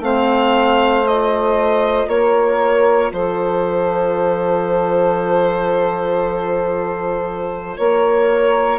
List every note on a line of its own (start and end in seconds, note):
0.00 2.07 A3
0.00 1.05 C4
0.00 2.08 C5
0.00 1.07 F5
1.05 8.79 F4
1.05 2.09 D#5
2.08 3.11 A#3
2.08 3.12 A#4
2.08 3.12 C#5
3.12 7.78 F3
3.12 7.78 A4
3.12 7.77 C5
7.77 8.79 A#3
7.77 8.79 A#4
7.77 8.79 C#5